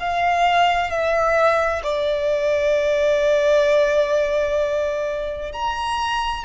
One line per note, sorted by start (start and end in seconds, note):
0.00 0.90 F5
0.90 1.83 E5
1.83 5.53 D5
5.53 6.45 A#5